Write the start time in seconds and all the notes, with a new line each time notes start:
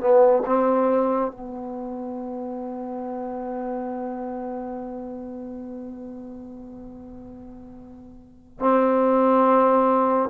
0.00 B3
0.46 C4
1.31 B3
8.59 C4